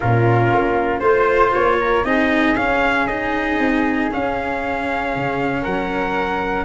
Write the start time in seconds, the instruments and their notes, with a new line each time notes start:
0.00 tuba A#2, cello C#4, flute F4, trumpet A#4
0.53 tuba A#3
0.99 tuba A3, cello F4, flute C5, trumpet C5
1.53 tuba A#3, trumpet C#5
1.80 flute A#4
2.04 tuba C4, cello D#4, flute G#4, trumpet D#5
2.56 tuba C#4, cello C#4, trumpet F5
3.07 cello D#4, trumpet D#5
3.59 tuba C4
4.11 cello C#4, tuba C#4, trumpet F5
5.15 tuba C#3
5.61 tuba F#3, flute A#4, trumpet F#5